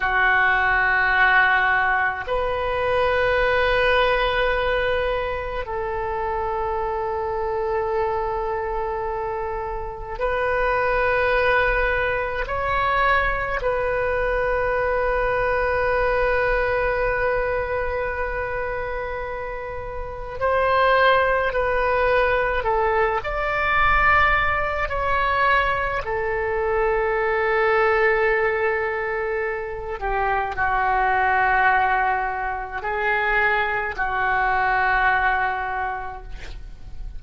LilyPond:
\new Staff \with { instrumentName = "oboe" } { \time 4/4 \tempo 4 = 53 fis'2 b'2~ | b'4 a'2.~ | a'4 b'2 cis''4 | b'1~ |
b'2 c''4 b'4 | a'8 d''4. cis''4 a'4~ | a'2~ a'8 g'8 fis'4~ | fis'4 gis'4 fis'2 | }